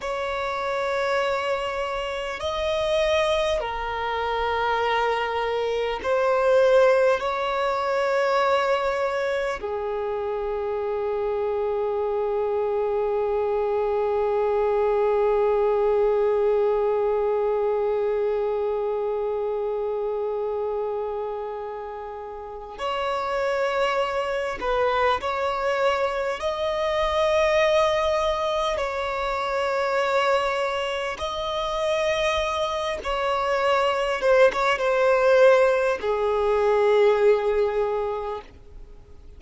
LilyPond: \new Staff \with { instrumentName = "violin" } { \time 4/4 \tempo 4 = 50 cis''2 dis''4 ais'4~ | ais'4 c''4 cis''2 | gis'1~ | gis'1~ |
gis'2. cis''4~ | cis''8 b'8 cis''4 dis''2 | cis''2 dis''4. cis''8~ | cis''8 c''16 cis''16 c''4 gis'2 | }